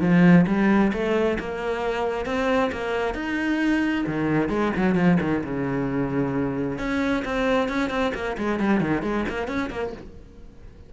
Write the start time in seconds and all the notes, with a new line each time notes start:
0.00 F3
0.46 G3
0.92 A3
1.39 A#3
2.25 C4
2.72 A#3
3.14 D#4
4.06 D#3
4.49 G#3
4.76 F#3
4.95 F3
5.20 D#3
5.44 C#3
6.78 C#4
7.24 C4
7.69 C#4
7.90 C4
8.14 A#3
8.37 G#3
8.60 G3
8.80 D#3
9.02 G#3
9.28 A#3
9.47 C#4
9.70 A#3